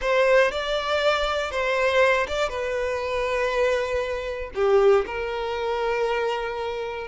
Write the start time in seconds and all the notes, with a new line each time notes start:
0.01 C5
0.51 D5
1.51 C5
2.27 D5
2.49 B4
4.54 G4
5.06 A#4